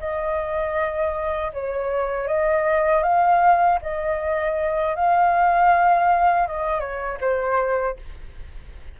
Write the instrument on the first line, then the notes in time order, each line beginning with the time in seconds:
flute
0.00 D#5
1.53 C#5
2.28 D#5
3.03 F5
3.82 D#5
4.96 F5
6.48 D#5
6.80 C#5
7.20 C5